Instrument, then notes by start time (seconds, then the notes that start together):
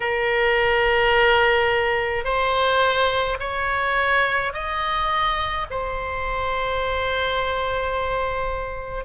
oboe
0.00 A#4
2.24 C5
3.40 C#5
4.53 D#5
5.70 C5